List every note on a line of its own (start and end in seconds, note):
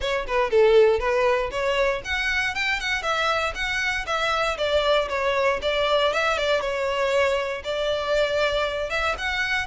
0.00 0.26 C#5
0.26 0.50 B4
0.50 0.99 A4
0.99 1.50 B4
1.51 2.02 C#5
2.04 2.54 F#5
2.54 2.80 G5
2.80 3.02 F#5
3.02 3.53 E5
3.54 4.05 F#5
4.06 4.57 E5
4.57 5.08 D5
5.08 5.59 C#5
5.62 6.13 D5
6.13 6.37 E5
6.37 6.61 D5
6.61 7.62 C#5
7.64 8.90 D5
8.90 9.15 E5
9.18 9.66 F#5